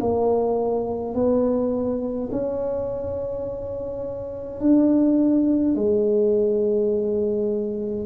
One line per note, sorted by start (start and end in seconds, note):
0.00 1.14 A#3
1.14 2.29 B3
2.31 4.60 C#4
4.60 5.75 D4
5.75 8.05 G#3